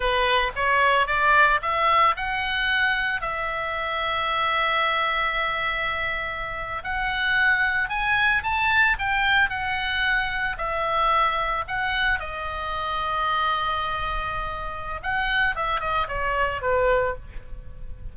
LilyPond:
\new Staff \with { instrumentName = "oboe" } { \time 4/4 \tempo 4 = 112 b'4 cis''4 d''4 e''4 | fis''2 e''2~ | e''1~ | e''8. fis''2 gis''4 a''16~ |
a''8. g''4 fis''2 e''16~ | e''4.~ e''16 fis''4 dis''4~ dis''16~ | dis''1 | fis''4 e''8 dis''8 cis''4 b'4 | }